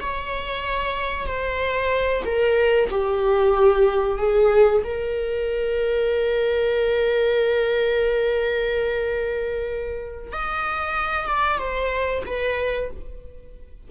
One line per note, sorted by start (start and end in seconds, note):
0.00 1.26 C#5
1.26 2.23 C5
2.25 2.89 A#4
2.91 4.18 G4
4.18 4.82 G#4
4.84 10.33 A#4
10.33 11.27 D#5
11.27 11.58 D5
11.58 12.23 C5
12.26 12.90 B4